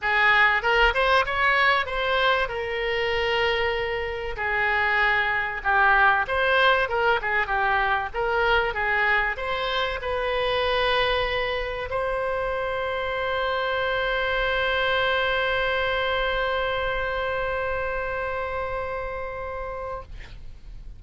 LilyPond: \new Staff \with { instrumentName = "oboe" } { \time 4/4 \tempo 4 = 96 gis'4 ais'8 c''8 cis''4 c''4 | ais'2. gis'4~ | gis'4 g'4 c''4 ais'8 gis'8 | g'4 ais'4 gis'4 c''4 |
b'2. c''4~ | c''1~ | c''1~ | c''1 | }